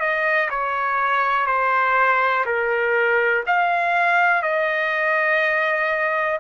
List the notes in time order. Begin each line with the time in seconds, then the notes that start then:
0.00 D#5
0.50 C#5
1.46 C5
2.45 A#4
3.46 F5
4.43 D#5